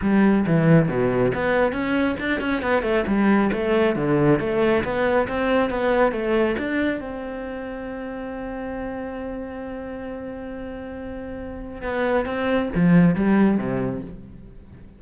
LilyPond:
\new Staff \with { instrumentName = "cello" } { \time 4/4 \tempo 4 = 137 g4 e4 b,4 b4 | cis'4 d'8 cis'8 b8 a8 g4 | a4 d4 a4 b4 | c'4 b4 a4 d'4 |
c'1~ | c'1~ | c'2. b4 | c'4 f4 g4 c4 | }